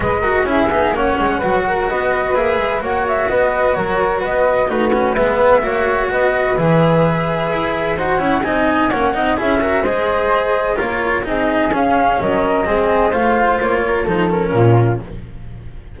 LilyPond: <<
  \new Staff \with { instrumentName = "flute" } { \time 4/4 \tempo 4 = 128 dis''4 e''4 fis''2 | dis''4 e''4 fis''8 e''8 dis''4 | cis''4 dis''4 b'4 e''4~ | e''4 dis''4 e''2~ |
e''4 fis''4 gis''4 fis''4 | e''4 dis''2 cis''4 | dis''4 f''4 dis''2 | f''4 cis''4 c''8 ais'4. | }
  \new Staff \with { instrumentName = "flute" } { \time 4/4 b'8 ais'8 gis'4 cis''4 b'8 ais'8 | b'2 cis''4 b'4 | ais'4 b'4 fis'4 b'4 | cis''4 b'2.~ |
b'4 c''8 cis''8 dis''4 cis''8 dis''8 | gis'8 ais'8 c''2 ais'4 | gis'2 ais'4 gis'4 | c''4. ais'8 a'4 f'4 | }
  \new Staff \with { instrumentName = "cello" } { \time 4/4 gis'8 fis'8 e'8 dis'8 cis'4 fis'4~ | fis'4 gis'4 fis'2~ | fis'2 dis'8 cis'8 b4 | fis'2 gis'2~ |
gis'4 fis'8 e'8 dis'4 cis'8 dis'8 | e'8 fis'8 gis'2 f'4 | dis'4 cis'2 c'4 | f'2 dis'8 cis'4. | }
  \new Staff \with { instrumentName = "double bass" } { \time 4/4 gis4 cis'8 b8 ais8 gis8 fis4 | b4 ais8 gis8 ais4 b4 | fis4 b4 a4 gis4 | ais4 b4 e2 |
e'4 dis'8 cis'8 c'4 ais8 c'8 | cis'4 gis2 ais4 | c'4 cis'4 fis4 gis4 | a4 ais4 f4 ais,4 | }
>>